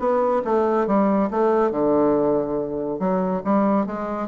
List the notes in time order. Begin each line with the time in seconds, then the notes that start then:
0.00 B3
0.45 A3
0.87 G3
1.31 A3
1.72 D3
3.00 F#3
3.45 G3
3.87 G#3